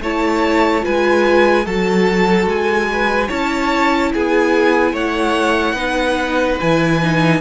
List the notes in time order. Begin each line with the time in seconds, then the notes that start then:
0.00 A3 E4 C#5 A5
0.82 G#3 F4 B4 G#5
1.65 F#3 F#4 A4 A5
2.46 G#3 G#5
2.92 B4
3.28 C#4 E4 C#5 A5
4.13 B3 G#4 G#5
4.93 A3 C#5 F#5
5.73 B3 D#4 B4
6.60 E3 E4 G#5
7.02 D#4